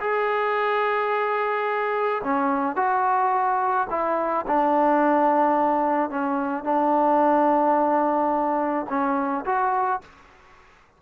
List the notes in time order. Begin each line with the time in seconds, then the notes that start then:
0.00 G#4
2.23 C#4
2.76 F#4
3.90 E4
4.47 D4
6.10 C#4
6.64 D4
8.89 C#4
9.46 F#4